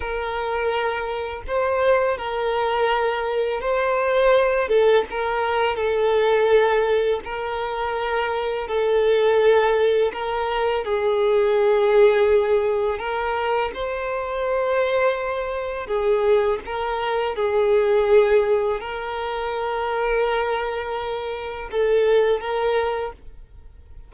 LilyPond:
\new Staff \with { instrumentName = "violin" } { \time 4/4 \tempo 4 = 83 ais'2 c''4 ais'4~ | ais'4 c''4. a'8 ais'4 | a'2 ais'2 | a'2 ais'4 gis'4~ |
gis'2 ais'4 c''4~ | c''2 gis'4 ais'4 | gis'2 ais'2~ | ais'2 a'4 ais'4 | }